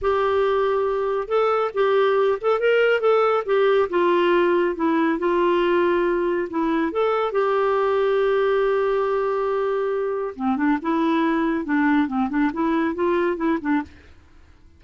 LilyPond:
\new Staff \with { instrumentName = "clarinet" } { \time 4/4 \tempo 4 = 139 g'2. a'4 | g'4. a'8 ais'4 a'4 | g'4 f'2 e'4 | f'2. e'4 |
a'4 g'2.~ | g'1 | c'8 d'8 e'2 d'4 | c'8 d'8 e'4 f'4 e'8 d'8 | }